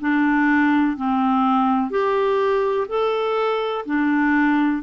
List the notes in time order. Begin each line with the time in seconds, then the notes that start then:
0.00 D4
0.96 C4
1.90 G4
2.88 A4
3.85 D4